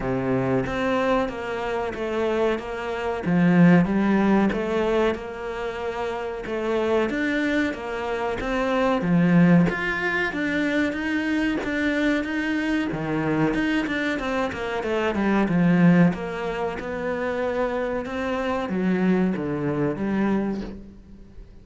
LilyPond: \new Staff \with { instrumentName = "cello" } { \time 4/4 \tempo 4 = 93 c4 c'4 ais4 a4 | ais4 f4 g4 a4 | ais2 a4 d'4 | ais4 c'4 f4 f'4 |
d'4 dis'4 d'4 dis'4 | dis4 dis'8 d'8 c'8 ais8 a8 g8 | f4 ais4 b2 | c'4 fis4 d4 g4 | }